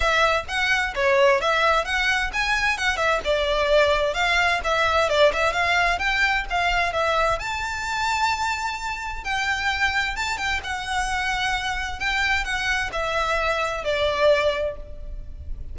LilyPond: \new Staff \with { instrumentName = "violin" } { \time 4/4 \tempo 4 = 130 e''4 fis''4 cis''4 e''4 | fis''4 gis''4 fis''8 e''8 d''4~ | d''4 f''4 e''4 d''8 e''8 | f''4 g''4 f''4 e''4 |
a''1 | g''2 a''8 g''8 fis''4~ | fis''2 g''4 fis''4 | e''2 d''2 | }